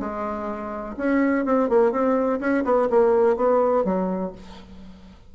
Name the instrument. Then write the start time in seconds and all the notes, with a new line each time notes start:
bassoon
0.00 G#3
0.97 C#4
1.46 C4
1.70 A#3
1.92 C4
2.40 C#4
2.65 B3
2.90 A#3
3.37 B3
3.85 F#3